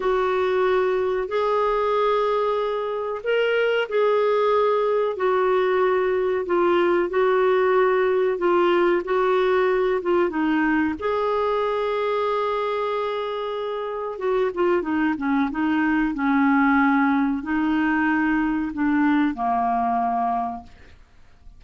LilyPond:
\new Staff \with { instrumentName = "clarinet" } { \time 4/4 \tempo 4 = 93 fis'2 gis'2~ | gis'4 ais'4 gis'2 | fis'2 f'4 fis'4~ | fis'4 f'4 fis'4. f'8 |
dis'4 gis'2.~ | gis'2 fis'8 f'8 dis'8 cis'8 | dis'4 cis'2 dis'4~ | dis'4 d'4 ais2 | }